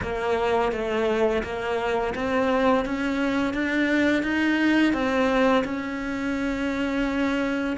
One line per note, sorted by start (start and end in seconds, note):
0.02 0.72 A#3
0.72 1.42 A3
1.43 2.14 A#3
2.14 2.85 C4
2.85 3.53 C#4
3.53 4.23 D4
4.23 4.93 D#4
4.93 5.63 C4
5.64 7.76 C#4